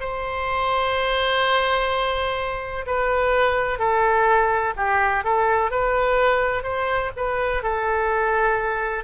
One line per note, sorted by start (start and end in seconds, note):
0.00 2.86 C5
2.87 3.79 B4
3.79 4.74 A4
4.77 5.24 G4
5.24 5.71 A4
5.71 6.63 B4
6.63 7.11 C5
7.16 7.63 B4
7.63 9.04 A4